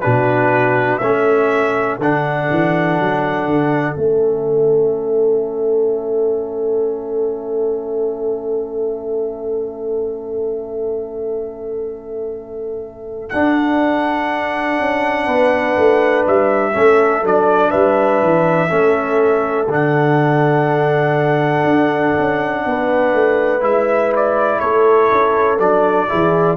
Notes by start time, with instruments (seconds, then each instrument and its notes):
0.00 tuba B2, trombone D4, horn F#4, trumpet B4
0.98 tuba A3, trombone C#4, horn A4, trumpet E5
1.98 tuba D3, trombone D4, trumpet F#5
2.50 tuba E3
2.99 tuba F#3
3.46 tuba D3
3.95 tuba A3, trombone C#4, trumpet E5
13.29 tuba D4, trombone D4, trumpet F#5
14.79 tuba C#4
15.25 tuba B3, horn B4
15.76 tuba A3
16.26 tuba G3, trumpet E5
16.73 tuba A3, trombone C#4, horn A4
17.23 tuba F#3, trombone D4, trumpet D5
17.70 tuba G3, horn B4, trumpet E5
18.22 tuba E3
18.68 tuba A3, trombone C#4, horn A4
19.67 tuba D3, trombone D4, trumpet F#5
21.63 tuba D4
22.18 tuba C#4
22.65 tuba B3, horn B4
23.13 tuba A3
23.60 tuba G#3, trombone E4, trumpet E5
24.15 trumpet D5
24.59 tuba A3, horn A4, trumpet C#5
25.11 tuba C#4
25.59 tuba F#3, trombone D4, trumpet D5
26.08 tuba E3, trombone E4, horn G#4